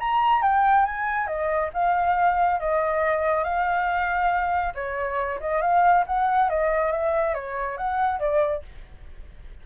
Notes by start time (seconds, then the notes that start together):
0.00 A#5
0.42 G5
0.86 G#5
1.27 D#5
1.73 F5
2.60 D#5
3.44 F5
4.75 C#5
5.40 D#5
5.62 F5
6.07 F#5
6.50 D#5
6.92 E5
7.34 C#5
7.78 F#5
8.20 D5